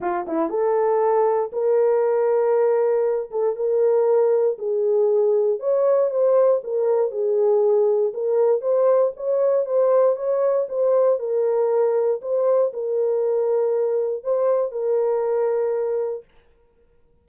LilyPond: \new Staff \with { instrumentName = "horn" } { \time 4/4 \tempo 4 = 118 f'8 e'8 a'2 ais'4~ | ais'2~ ais'8 a'8 ais'4~ | ais'4 gis'2 cis''4 | c''4 ais'4 gis'2 |
ais'4 c''4 cis''4 c''4 | cis''4 c''4 ais'2 | c''4 ais'2. | c''4 ais'2. | }